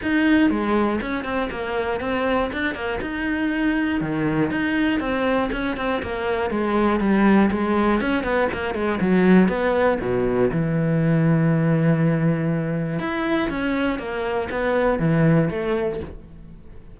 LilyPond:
\new Staff \with { instrumentName = "cello" } { \time 4/4 \tempo 4 = 120 dis'4 gis4 cis'8 c'8 ais4 | c'4 d'8 ais8 dis'2 | dis4 dis'4 c'4 cis'8 c'8 | ais4 gis4 g4 gis4 |
cis'8 b8 ais8 gis8 fis4 b4 | b,4 e2.~ | e2 e'4 cis'4 | ais4 b4 e4 a4 | }